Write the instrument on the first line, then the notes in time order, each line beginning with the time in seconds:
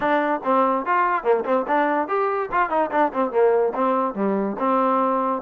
trombone
0.00 D4
0.44 C4
0.85 F4
1.23 A#3
1.44 C4
1.67 D4
2.08 G4
2.51 F4
2.69 D#4
2.91 D4
3.13 C4
3.31 A#3
3.74 C4
4.14 G3
4.58 C4